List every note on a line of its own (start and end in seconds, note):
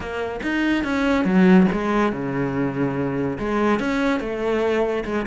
0.00 0.40 A#3
0.43 0.84 D#4
0.84 1.25 C#4
1.25 1.66 F#3
1.72 2.12 G#3
2.12 3.38 C#3
3.38 3.79 G#3
3.79 4.20 C#4
4.20 5.03 A3
5.05 5.26 G#3